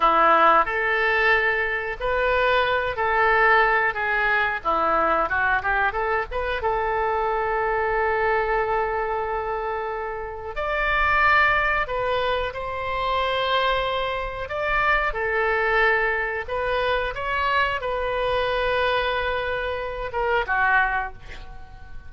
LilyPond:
\new Staff \with { instrumentName = "oboe" } { \time 4/4 \tempo 4 = 91 e'4 a'2 b'4~ | b'8 a'4. gis'4 e'4 | fis'8 g'8 a'8 b'8 a'2~ | a'1 |
d''2 b'4 c''4~ | c''2 d''4 a'4~ | a'4 b'4 cis''4 b'4~ | b'2~ b'8 ais'8 fis'4 | }